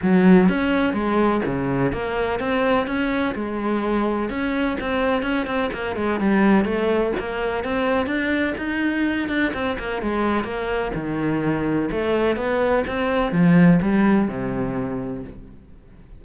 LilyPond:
\new Staff \with { instrumentName = "cello" } { \time 4/4 \tempo 4 = 126 fis4 cis'4 gis4 cis4 | ais4 c'4 cis'4 gis4~ | gis4 cis'4 c'4 cis'8 c'8 | ais8 gis8 g4 a4 ais4 |
c'4 d'4 dis'4. d'8 | c'8 ais8 gis4 ais4 dis4~ | dis4 a4 b4 c'4 | f4 g4 c2 | }